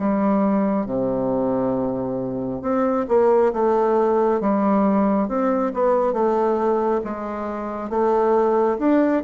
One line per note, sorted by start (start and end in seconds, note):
0.00 0.86 G3
0.86 2.62 C3
2.62 3.06 C4
3.09 3.53 A#3
3.53 4.41 A3
4.41 5.29 G3
5.29 5.73 C4
5.74 6.13 B3
6.13 7.01 A3
7.05 7.90 G#3
7.90 8.78 A3
8.79 9.23 D4